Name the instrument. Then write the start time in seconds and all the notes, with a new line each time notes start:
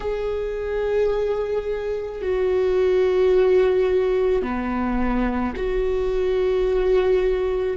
viola
0.00 G#4
2.22 F#4
4.42 B3
5.56 F#4